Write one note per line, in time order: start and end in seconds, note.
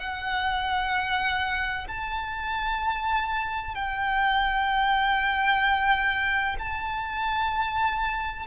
0.00 1.87 F#5
1.88 3.75 A5
3.75 6.56 G5
6.59 8.46 A5